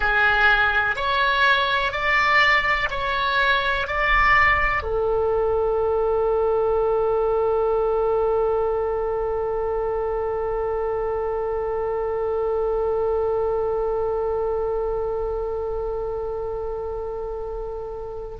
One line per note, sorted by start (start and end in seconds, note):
0.00 0.95 G#4
0.96 1.91 C#5
1.91 2.88 D5
2.90 3.87 C#5
3.87 4.82 D5
4.82 18.37 A4